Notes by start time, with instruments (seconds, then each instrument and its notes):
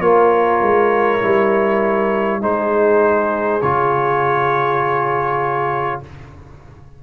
0.00 tuba A#3, trombone F4, horn A#4, trumpet C#5
0.61 tuba G#3
1.22 tuba G3, trombone E4
2.41 tuba G#3, trombone D#4, horn G#4, trumpet C5
3.62 tuba C#3, trombone F4, trumpet C#5